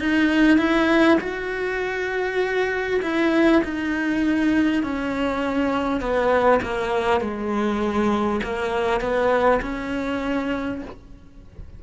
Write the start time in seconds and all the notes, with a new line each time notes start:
0.00 D#4
0.58 E4
1.21 F#4
3.02 E4
3.64 D#4
4.83 C#4
6.01 B3
6.62 A#3
7.21 G#3
8.44 A#3
9.01 B3
9.62 C#4